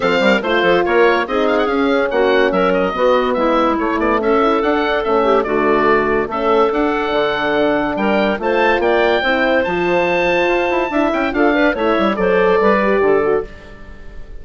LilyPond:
<<
  \new Staff \with { instrumentName = "oboe" } { \time 4/4 \tempo 4 = 143 f''4 c''4 cis''4 dis''8 f''16 fis''16 | f''4 fis''4 e''8 dis''4. | e''4 cis''8 d''8 e''4 fis''4 | e''4 d''2 e''4 |
fis''2. g''4 | a''4 g''2 a''4~ | a''2~ a''8 g''8 f''4 | e''4 d''2. | }
  \new Staff \with { instrumentName = "clarinet" } { \time 4/4 a'8 ais'8 c''8 a'8 ais'4 gis'4~ | gis'4 fis'4 ais'4 fis'4 | e'2 a'2~ | a'8 g'8 fis'2 a'4~ |
a'2. ais'4 | c''4 d''4 c''2~ | c''2 e''4 a'8 b'8 | cis''4 c''4 b'4 a'4 | }
  \new Staff \with { instrumentName = "horn" } { \time 4/4 c'4 f'2 dis'4 | cis'2. b4~ | b4 a4. e'8 d'4 | cis'4 a2 cis'4 |
d'1 | f'2 e'4 f'4~ | f'2 e'4 f'8 d'8 | e'4 a'4. g'4 fis'8 | }
  \new Staff \with { instrumentName = "bassoon" } { \time 4/4 f8 g8 a8 f8 ais4 c'4 | cis'4 ais4 fis4 b4 | gis4 a8 b8 cis'4 d'4 | a4 d2 a4 |
d'4 d2 g4 | a4 ais4 c'4 f4~ | f4 f'8 e'8 d'8 cis'8 d'4 | a8 g8 fis4 g4 d4 | }
>>